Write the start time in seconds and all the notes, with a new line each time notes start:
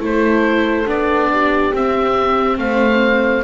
0.00 A3 E4 A4 C5
0.87 B3 D4 D5
1.32 G4
1.73 C4 E5
2.58 A3 C5 F5